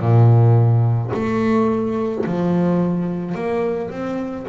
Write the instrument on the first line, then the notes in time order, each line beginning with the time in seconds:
double bass
0.00 A#2
1.14 A3
2.26 F3
3.35 A#3
3.90 C4